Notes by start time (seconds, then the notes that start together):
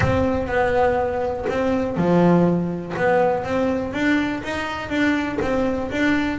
0.00 C4
0.47 B3
1.49 C4
1.96 F3
2.96 B3
3.44 C4
3.93 D4
4.43 D#4
4.89 D4
5.41 C4
5.91 D4